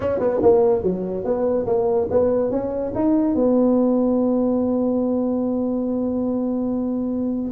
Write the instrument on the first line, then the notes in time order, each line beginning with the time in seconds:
tuba
0.00 C#4
0.19 B3
0.42 A#3
0.82 F#3
1.24 B3
1.66 A#3
2.10 B3
2.50 C#4
2.94 D#4
3.34 B3